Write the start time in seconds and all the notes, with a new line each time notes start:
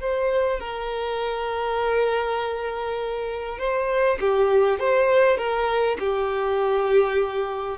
0.00 C5
0.60 A#4
3.59 C5
4.20 G4
4.79 C5
5.38 A#4
5.99 G4